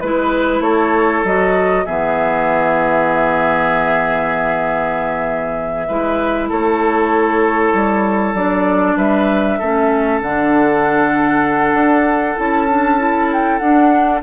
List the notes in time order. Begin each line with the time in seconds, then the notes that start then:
0.00 G#3 E4 B4
0.60 A3 A4 C#5
1.24 F#3 F#4 D#5
1.85 E3 B3 G#4 E5
5.88 G#3 E4 B4
6.49 A3 A4 C#5
7.73 G3
8.34 F#3 D4 D5
8.97 G3 B4 E5
9.59 A3 C#4 A4
10.21 D3 D4 F#5
11.73 D4
12.36 C#4 E4 A5
12.69 D4
12.98 E4
13.33 G5
13.58 D4 F#5